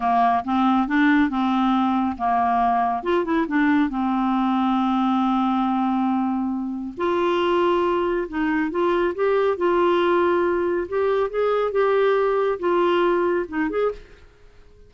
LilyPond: \new Staff \with { instrumentName = "clarinet" } { \time 4/4 \tempo 4 = 138 ais4 c'4 d'4 c'4~ | c'4 ais2 f'8 e'8 | d'4 c'2.~ | c'1 |
f'2. dis'4 | f'4 g'4 f'2~ | f'4 g'4 gis'4 g'4~ | g'4 f'2 dis'8 gis'8 | }